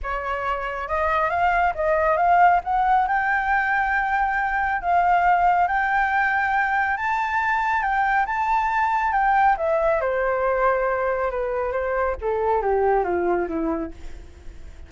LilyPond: \new Staff \with { instrumentName = "flute" } { \time 4/4 \tempo 4 = 138 cis''2 dis''4 f''4 | dis''4 f''4 fis''4 g''4~ | g''2. f''4~ | f''4 g''2. |
a''2 g''4 a''4~ | a''4 g''4 e''4 c''4~ | c''2 b'4 c''4 | a'4 g'4 f'4 e'4 | }